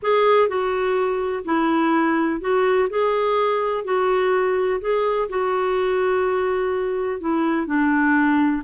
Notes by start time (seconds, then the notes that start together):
0.02 G#4
0.48 F#4
1.44 E4
2.40 F#4
2.89 G#4
3.84 F#4
4.80 G#4
5.29 F#4
7.20 E4
7.66 D4